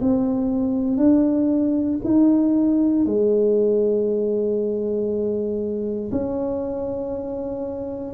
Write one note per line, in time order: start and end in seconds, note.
0.00 0.97 C4
0.97 1.99 D4
2.04 3.05 D#4
3.05 6.10 G#3
6.12 8.14 C#4